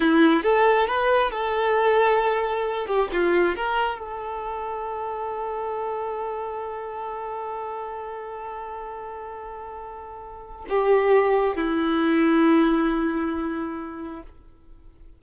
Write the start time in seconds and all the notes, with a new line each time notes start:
0.00 E4
0.42 A4
0.87 B4
1.31 A4
2.86 G4
3.12 F4
3.56 A#4
3.98 A4
10.69 G4
11.55 E4